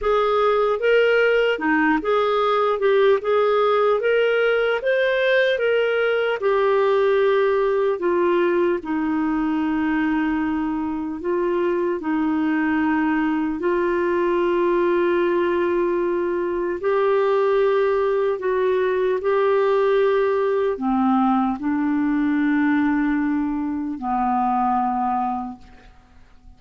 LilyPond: \new Staff \with { instrumentName = "clarinet" } { \time 4/4 \tempo 4 = 75 gis'4 ais'4 dis'8 gis'4 g'8 | gis'4 ais'4 c''4 ais'4 | g'2 f'4 dis'4~ | dis'2 f'4 dis'4~ |
dis'4 f'2.~ | f'4 g'2 fis'4 | g'2 c'4 d'4~ | d'2 b2 | }